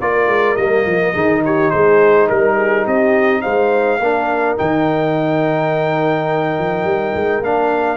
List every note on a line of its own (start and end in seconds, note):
0.00 0.28 A#3
0.00 0.58 F4
0.00 1.13 A#4
0.00 0.57 D5
0.28 0.56 G#3
0.57 0.86 G3
0.57 1.15 A#3
0.57 1.43 D#5
0.86 1.15 F3
1.13 1.73 D#3
1.13 4.00 D#4
1.13 1.42 G#4
1.46 1.73 G4
1.46 1.71 C#5
1.71 2.31 G#3
1.71 2.29 G#4
1.71 2.28 C5
2.29 2.87 G3
2.29 2.56 A#4
2.29 2.87 A#4
2.56 2.85 G#4
2.85 3.44 C4
2.85 3.42 G4
2.85 3.42 D#5
3.42 4.00 G#3
3.42 4.00 C5
3.42 4.56 F5
4.00 4.57 A#3
4.00 4.57 D4
4.00 7.98 A#4
4.57 6.59 D#3
4.57 7.43 D#4
4.57 7.44 G5
6.59 6.85 F3
6.85 7.13 G3
7.15 7.41 G#3
7.41 7.98 A#3
7.41 7.98 D4
7.41 7.98 F5